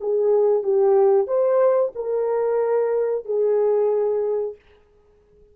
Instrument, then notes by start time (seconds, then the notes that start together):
horn
0.00 G#4
0.63 G4
1.27 C5
1.95 A#4
3.25 G#4